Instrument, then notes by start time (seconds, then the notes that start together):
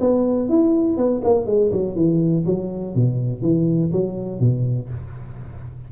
tuba
0.00 B3
0.49 E4
0.97 B3
1.24 A#3
1.46 G#3
1.72 F#3
1.95 E3
2.46 F#3
2.95 B2
3.42 E3
3.92 F#3
4.40 B2